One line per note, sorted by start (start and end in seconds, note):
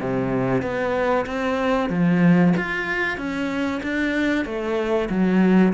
0.00 0.62 C3
0.62 1.26 B3
1.26 1.90 C4
1.90 2.54 F3
2.57 3.18 F4
3.18 3.82 C#4
3.83 4.45 D4
4.45 5.09 A3
5.10 5.74 F#3